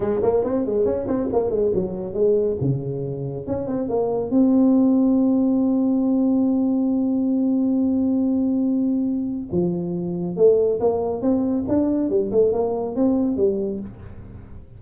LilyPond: \new Staff \with { instrumentName = "tuba" } { \time 4/4 \tempo 4 = 139 gis8 ais8 c'8 gis8 cis'8 c'8 ais8 gis8 | fis4 gis4 cis2 | cis'8 c'8 ais4 c'2~ | c'1~ |
c'1~ | c'2 f2 | a4 ais4 c'4 d'4 | g8 a8 ais4 c'4 g4 | }